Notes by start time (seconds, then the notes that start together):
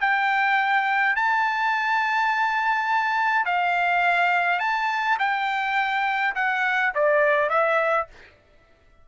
0.00 G5
1.15 A5
3.45 F5
4.59 A5
5.18 G5
6.35 F#5
6.94 D5
7.49 E5